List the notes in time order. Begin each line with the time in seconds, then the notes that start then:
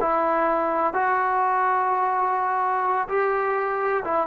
0.00 E4
0.93 F#4
3.08 G4
4.04 E4